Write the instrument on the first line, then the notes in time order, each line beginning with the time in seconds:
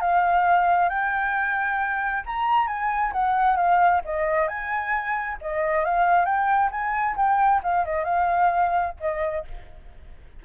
flute
0.00 F5
0.89 G5
2.26 A#5
2.67 G#5
3.12 F#5
3.56 F5
4.05 D#5
4.48 G#5
5.41 D#5
5.85 F5
6.25 G5
6.71 G#5
7.16 G5
7.63 F5
7.85 D#5
8.04 F5
9.00 D#5